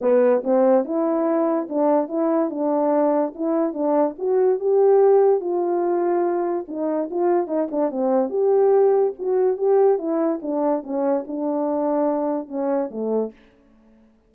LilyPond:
\new Staff \with { instrumentName = "horn" } { \time 4/4 \tempo 4 = 144 b4 c'4 e'2 | d'4 e'4 d'2 | e'4 d'4 fis'4 g'4~ | g'4 f'2. |
dis'4 f'4 dis'8 d'8 c'4 | g'2 fis'4 g'4 | e'4 d'4 cis'4 d'4~ | d'2 cis'4 a4 | }